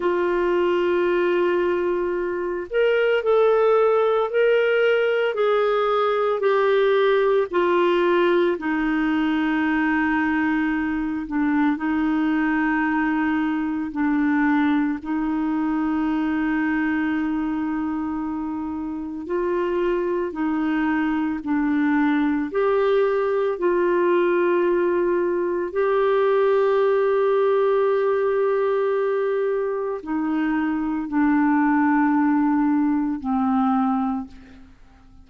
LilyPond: \new Staff \with { instrumentName = "clarinet" } { \time 4/4 \tempo 4 = 56 f'2~ f'8 ais'8 a'4 | ais'4 gis'4 g'4 f'4 | dis'2~ dis'8 d'8 dis'4~ | dis'4 d'4 dis'2~ |
dis'2 f'4 dis'4 | d'4 g'4 f'2 | g'1 | dis'4 d'2 c'4 | }